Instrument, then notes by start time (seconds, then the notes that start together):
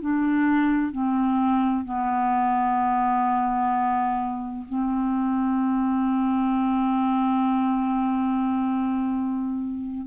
clarinet
0.00 D4
0.91 C4
1.84 B3
4.68 C4